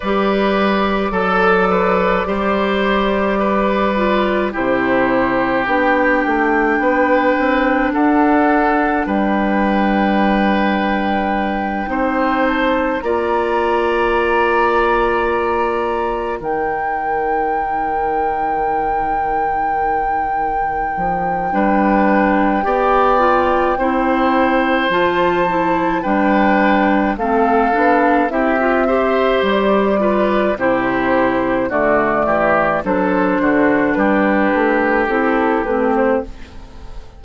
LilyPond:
<<
  \new Staff \with { instrumentName = "flute" } { \time 4/4 \tempo 4 = 53 d''1 | c''4 g''2 fis''4 | g''2. a''8 ais''8~ | ais''2~ ais''8 g''4.~ |
g''1~ | g''2 a''4 g''4 | f''4 e''4 d''4 c''4 | d''4 c''4 b'4 a'8 b'16 c''16 | }
  \new Staff \with { instrumentName = "oboe" } { \time 4/4 b'4 a'8 b'8 c''4 b'4 | g'2 b'4 a'4 | b'2~ b'8 c''4 d''8~ | d''2~ d''8 ais'4.~ |
ais'2. b'4 | d''4 c''2 b'4 | a'4 g'8 c''4 b'8 g'4 | fis'8 g'8 a'8 fis'8 g'2 | }
  \new Staff \with { instrumentName = "clarinet" } { \time 4/4 g'4 a'4 g'4. f'8 | e'4 d'2.~ | d'2~ d'8 dis'4 f'8~ | f'2~ f'8 dis'4.~ |
dis'2. d'4 | g'8 f'8 e'4 f'8 e'8 d'4 | c'8 d'8 e'16 f'16 g'4 f'8 e'4 | a4 d'2 e'8 c'8 | }
  \new Staff \with { instrumentName = "bassoon" } { \time 4/4 g4 fis4 g2 | c4 b8 a8 b8 c'8 d'4 | g2~ g8 c'4 ais8~ | ais2~ ais8 dis4.~ |
dis2~ dis8 f8 g4 | b4 c'4 f4 g4 | a8 b8 c'4 g4 c4 | d8 e8 fis8 d8 g8 a8 c'8 a8 | }
>>